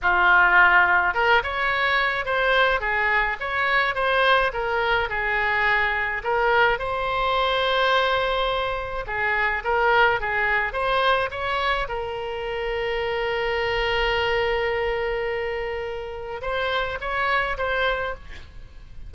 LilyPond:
\new Staff \with { instrumentName = "oboe" } { \time 4/4 \tempo 4 = 106 f'2 ais'8 cis''4. | c''4 gis'4 cis''4 c''4 | ais'4 gis'2 ais'4 | c''1 |
gis'4 ais'4 gis'4 c''4 | cis''4 ais'2.~ | ais'1~ | ais'4 c''4 cis''4 c''4 | }